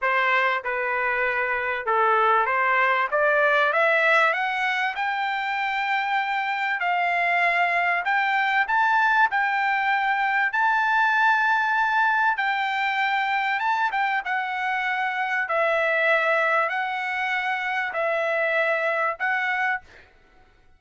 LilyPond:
\new Staff \with { instrumentName = "trumpet" } { \time 4/4 \tempo 4 = 97 c''4 b'2 a'4 | c''4 d''4 e''4 fis''4 | g''2. f''4~ | f''4 g''4 a''4 g''4~ |
g''4 a''2. | g''2 a''8 g''8 fis''4~ | fis''4 e''2 fis''4~ | fis''4 e''2 fis''4 | }